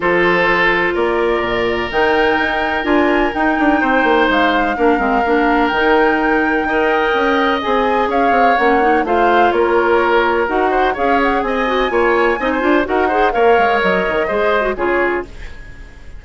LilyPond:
<<
  \new Staff \with { instrumentName = "flute" } { \time 4/4 \tempo 4 = 126 c''2 d''2 | g''2 gis''4 g''4~ | g''4 f''2. | g''1 |
gis''4 f''4 fis''4 f''4 | cis''2 fis''4 f''8 fis''8 | gis''2. fis''4 | f''4 dis''2 cis''4 | }
  \new Staff \with { instrumentName = "oboe" } { \time 4/4 a'2 ais'2~ | ais'1 | c''2 ais'2~ | ais'2 dis''2~ |
dis''4 cis''2 c''4 | ais'2~ ais'8 c''8 cis''4 | dis''4 cis''4 dis''16 c''8. ais'8 c''8 | cis''2 c''4 gis'4 | }
  \new Staff \with { instrumentName = "clarinet" } { \time 4/4 f'1 | dis'2 f'4 dis'4~ | dis'2 d'8 c'8 d'4 | dis'2 ais'2 |
gis'2 cis'8 dis'8 f'4~ | f'2 fis'4 gis'4~ | gis'8 fis'8 f'4 dis'8 f'8 fis'8 gis'8 | ais'2 gis'8. fis'16 f'4 | }
  \new Staff \with { instrumentName = "bassoon" } { \time 4/4 f2 ais4 ais,4 | dis4 dis'4 d'4 dis'8 d'8 | c'8 ais8 gis4 ais8 gis8 ais4 | dis2 dis'4 cis'4 |
c'4 cis'8 c'8 ais4 a4 | ais2 dis'4 cis'4 | c'4 ais4 c'8 d'8 dis'4 | ais8 gis8 fis8 dis8 gis4 cis4 | }
>>